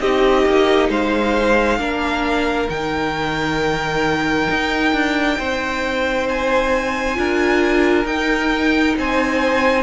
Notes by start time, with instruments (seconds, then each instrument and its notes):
0.00 cello C4, viola D#4, violin G4 D#5
0.46 cello A#3
0.89 cello G#3, violin C5 F5
1.78 cello A#3, viola D4, violin A#4
2.68 cello D#3, viola D#4, violin G5
4.50 cello D#4
4.93 cello D4
5.38 cello C4, violin C5
6.29 violin G#5
7.15 cello D4, viola F4, violin A#4
8.04 cello D#4, viola D#4, violin G5
8.97 cello C4, violin C5 G#5